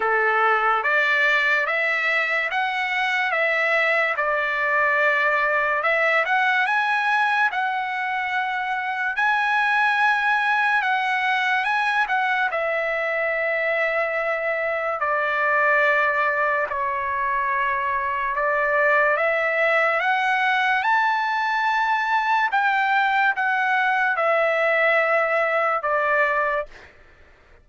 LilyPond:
\new Staff \with { instrumentName = "trumpet" } { \time 4/4 \tempo 4 = 72 a'4 d''4 e''4 fis''4 | e''4 d''2 e''8 fis''8 | gis''4 fis''2 gis''4~ | gis''4 fis''4 gis''8 fis''8 e''4~ |
e''2 d''2 | cis''2 d''4 e''4 | fis''4 a''2 g''4 | fis''4 e''2 d''4 | }